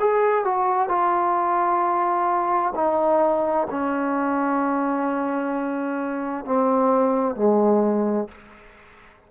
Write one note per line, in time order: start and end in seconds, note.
0.00 0.45 G#4
0.45 0.89 F#4
0.89 2.74 F4
2.75 3.68 D#4
3.70 6.45 C#4
6.45 7.36 C4
7.36 8.29 G#3